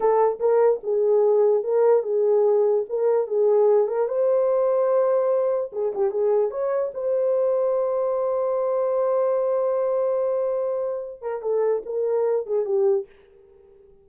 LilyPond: \new Staff \with { instrumentName = "horn" } { \time 4/4 \tempo 4 = 147 a'4 ais'4 gis'2 | ais'4 gis'2 ais'4 | gis'4. ais'8 c''2~ | c''2 gis'8 g'8 gis'4 |
cis''4 c''2.~ | c''1~ | c''2.~ c''8 ais'8 | a'4 ais'4. gis'8 g'4 | }